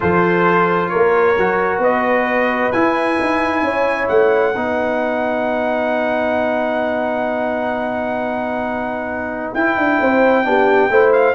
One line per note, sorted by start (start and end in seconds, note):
0.00 0.93 F3
0.00 1.35 F4
0.00 0.90 A4
0.00 0.88 C5
0.88 1.37 A#3
0.88 1.81 A#4
0.88 1.79 C#5
1.37 1.78 F#3
1.37 2.73 F#4
1.78 2.69 B3
1.78 3.63 B4
1.78 2.72 D#5
2.72 4.55 E4
2.72 3.19 E4
2.72 4.07 G#5
3.21 3.62 D#4
3.62 4.07 C#4
3.62 4.55 C#5
4.07 4.55 A3
4.07 9.53 F#5
4.55 9.54 B3
4.55 9.56 D#4
4.55 10.00 B4
9.53 9.77 E4
9.53 10.44 E4
9.53 11.12 G5
9.77 10.00 D4
10.00 10.45 C4
10.00 10.46 C5
10.44 10.89 B3
10.44 10.89 D4
10.44 10.90 G4
10.89 11.35 A3
10.89 11.35 E4
10.89 11.35 C5
11.12 11.35 F5